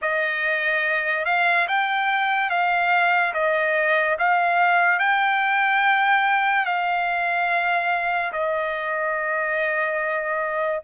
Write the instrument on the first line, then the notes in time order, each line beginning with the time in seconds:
trumpet
0.02 D#5
1.25 F5
1.68 G5
2.50 F5
3.33 D#5
4.18 F5
4.98 G5
6.65 F5
8.32 D#5